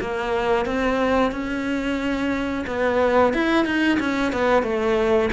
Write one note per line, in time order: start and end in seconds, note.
0.00 0.65 A#3
0.65 1.31 C4
1.31 2.65 C#4
2.67 3.33 B3
3.33 3.65 E4
3.65 3.98 D#4
3.99 4.32 C#4
4.32 4.63 B3
4.63 5.29 A3